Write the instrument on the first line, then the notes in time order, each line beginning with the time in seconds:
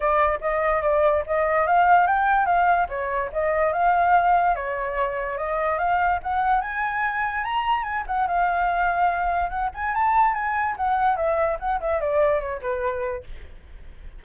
flute
0.00 D5
0.40 D#5
0.82 D5
1.26 D#5
1.66 F5
2.06 G5
2.45 F5
2.89 C#5
3.32 D#5
3.72 F5
4.55 C#5
5.37 D#5
5.78 F5
6.23 F#5
6.61 G#5
7.44 A#5
7.83 G#5
8.06 F#5
8.27 F5
9.49 F#5
9.74 G#5
9.94 A5
10.34 G#5
10.76 F#5
11.16 E5
11.59 F#5
11.80 E5
12.00 D5
12.40 C#5
12.61 B4